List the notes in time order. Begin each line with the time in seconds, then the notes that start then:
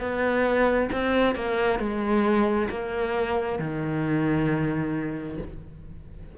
0.00 B3
0.93 C4
1.36 A#3
1.80 G#3
2.70 A#3
3.59 D#3